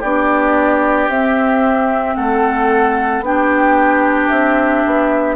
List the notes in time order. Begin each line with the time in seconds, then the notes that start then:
0.00 B3 D4 G4 D5
1.08 C4 E5
2.15 A3 A4 F#5
3.21 B3 D4 G5
3.27 G4
4.29 C4 E5
4.86 B3